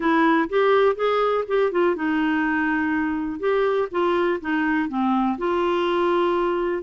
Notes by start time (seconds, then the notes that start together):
0.00 E4
0.49 G4
0.95 G#4
1.47 G4
1.71 F4
1.95 D#4
3.39 G4
3.91 F4
4.40 D#4
4.88 C4
5.38 F4